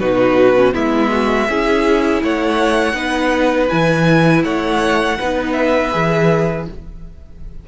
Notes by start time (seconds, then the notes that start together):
0.00 B2 D#4 F#4 B4
0.56 C#4
0.73 G#3 B3 E4 E5
1.11 F#4
1.49 C#4 E4 G#4
2.23 A3 C#5 F#5
2.94 B3 D#4 B4
3.69 E3 E4 G#5
4.44 A3 C#5 F#5
5.19 B3 D#4 B4
5.53 E5
5.92 E3 G#4